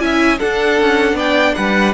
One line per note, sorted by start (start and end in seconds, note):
0.00 0.39 C#4
0.00 0.39 E4
0.00 0.39 E5
0.00 0.39 G#5
0.39 1.95 D4
0.39 0.81 D4
0.39 1.16 A4
0.39 1.18 F#5
0.81 1.14 C#4
1.14 1.53 B3
1.14 1.55 D5
1.14 1.55 G5
1.55 1.95 G3
1.55 1.95 B4
1.55 1.94 F#5